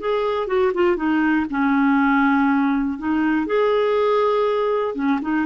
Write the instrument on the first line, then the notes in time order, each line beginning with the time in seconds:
clarinet
0.00 G#4
0.47 F#4
0.74 F4
0.96 D#4
1.50 C#4
2.99 D#4
3.46 G#4
4.95 C#4
5.21 D#4